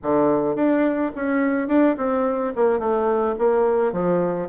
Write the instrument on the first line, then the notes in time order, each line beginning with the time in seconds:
bassoon
0.02 D3
0.55 D4
1.15 C#4
1.68 D4
1.97 C4
2.55 A#3
2.79 A3
3.38 A#3
3.92 F3